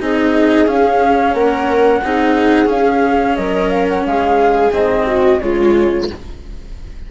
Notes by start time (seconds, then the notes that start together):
0.00 C4 D#4 G#4 D#5
0.67 C#4 F5
1.34 A#3 A#4 F#5
2.04 C4 D#4 G#4
2.66 C#4 F5
3.36 F#3 A#4 D#5
3.70 F5
3.89 F#5
4.06 G#3 G#4 F5
4.71 G#2 C4 D#5
5.06 F#4
5.39 C#3 G#3 F4 C#5